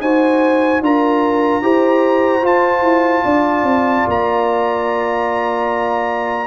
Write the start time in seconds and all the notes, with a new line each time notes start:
0.00 D#4 F#4 C5 G#5
0.81 D4 F4 A#4 A#5
1.61 E4 G4 C5
2.41 F4 A5
2.82 E4
3.24 D4 D5
3.63 C4
4.07 A#3 A#5